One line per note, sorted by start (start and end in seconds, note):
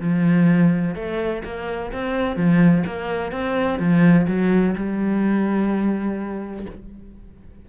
0.00 0.95 F3
0.95 1.42 A3
1.44 1.92 A#3
1.92 2.36 C4
2.36 2.84 F3
2.86 3.31 A#3
3.31 3.79 C4
3.79 4.26 F3
4.27 4.75 F#3
4.75 6.66 G3